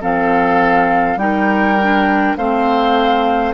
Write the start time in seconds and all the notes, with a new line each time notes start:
0.00 F3 C4 A4 F5
1.16 G3 D#4 A#4 G5
1.82 D4
2.37 A3 C4 C5 F5